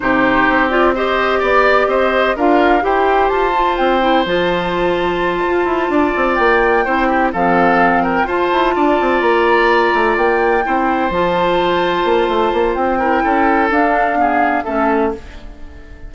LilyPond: <<
  \new Staff \with { instrumentName = "flute" } { \time 4/4 \tempo 4 = 127 c''4. d''8 dis''4 d''4 | dis''4 f''4 g''4 a''4 | g''4 a''2.~ | a''4. g''2 f''8~ |
f''4 g''8 a''2 ais''8~ | ais''4. g''2 a''8~ | a''2. g''4~ | g''4 f''2 e''4 | }
  \new Staff \with { instrumentName = "oboe" } { \time 4/4 g'2 c''4 d''4 | c''4 ais'4 c''2~ | c''1~ | c''8 d''2 c''8 g'8 a'8~ |
a'4 ais'8 c''4 d''4.~ | d''2~ d''8 c''4.~ | c''2.~ c''8 ais'8 | a'2 gis'4 a'4 | }
  \new Staff \with { instrumentName = "clarinet" } { \time 4/4 dis'4. f'8 g'2~ | g'4 f'4 g'4. f'8~ | f'8 e'8 f'2.~ | f'2~ f'8 e'4 c'8~ |
c'4. f'2~ f'8~ | f'2~ f'8 e'4 f'8~ | f'2.~ f'8 e'8~ | e'4 d'4 b4 cis'4 | }
  \new Staff \with { instrumentName = "bassoon" } { \time 4/4 c4 c'2 b4 | c'4 d'4 e'4 f'4 | c'4 f2~ f8 f'8 | e'8 d'8 c'8 ais4 c'4 f8~ |
f4. f'8 e'8 d'8 c'8 ais8~ | ais4 a8 ais4 c'4 f8~ | f4. ais8 a8 ais8 c'4 | cis'4 d'2 a4 | }
>>